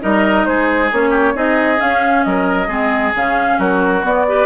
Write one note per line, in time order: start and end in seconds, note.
0.00 0.47 G3
0.00 0.90 D#4
0.00 0.47 A#4
0.00 0.45 D#5
0.45 0.91 G#3
0.45 1.10 G#4
0.45 0.90 C5
0.92 1.35 A#3
0.92 1.35 C#4
0.92 1.37 C#5
1.10 1.32 G4
1.35 1.79 C4
1.35 1.77 D#4
1.35 2.25 G#4
1.35 1.80 D#5
1.77 2.66 C#4
1.77 2.26 C#4
1.77 2.23 F5
2.23 2.68 F#3
2.23 2.67 A#4
2.23 3.13 D#5
2.67 3.12 G#3
2.67 3.13 C4
2.67 3.57 G#4
3.15 3.58 C#3
3.15 4.02 C#4
3.15 3.59 F5
3.58 4.03 F#3
3.58 4.26 F#4
3.58 4.04 A#4
4.02 4.24 B3
4.02 4.46 B3
4.02 4.46 D5
4.27 4.46 G4
4.27 4.46 B4